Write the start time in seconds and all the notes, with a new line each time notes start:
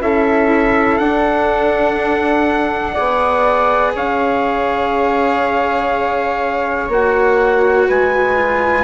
0.00 C#4 E4 A4 E5
0.98 D4 F#5
2.93 B3 G#4 D5
3.94 C#4 C#5 F5
6.89 A#3 F#4 F#5
7.87 G#3 B4 G#5
8.36 F4